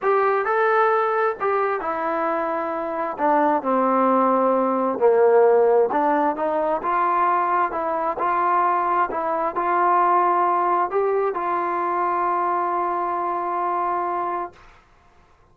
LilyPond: \new Staff \with { instrumentName = "trombone" } { \time 4/4 \tempo 4 = 132 g'4 a'2 g'4 | e'2. d'4 | c'2. ais4~ | ais4 d'4 dis'4 f'4~ |
f'4 e'4 f'2 | e'4 f'2. | g'4 f'2.~ | f'1 | }